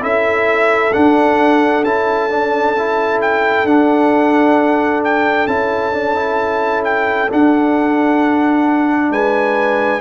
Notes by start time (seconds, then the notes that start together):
0.00 C#4 E4 A4 E5
0.92 D4 F#5
1.83 C#4 E4 A5
2.29 D4
2.77 E4
3.21 G5
3.64 D4 F#5
5.04 G5
5.47 C#4 E4 A5
5.92 D4
6.14 E4
6.84 G5
7.29 D4 F#5
9.10 G#3 B4 G#5